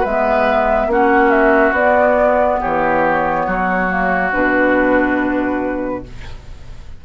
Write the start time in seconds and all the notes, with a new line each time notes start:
0.00 G#3 B4 E5
0.07 B3
0.87 A#3 C#4 F#4 F#5
1.30 E5
1.71 B3 D5
2.60 E3 G4 C#5
3.46 F#3 F#4
3.89 A#3
4.32 B2 D4 B4